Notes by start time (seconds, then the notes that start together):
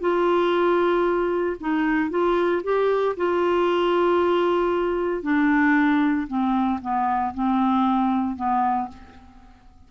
0.00 F4
1.60 D#4
2.10 F4
2.63 G4
3.16 F4
5.23 D4
6.28 C4
6.82 B3
7.34 C4
8.36 B3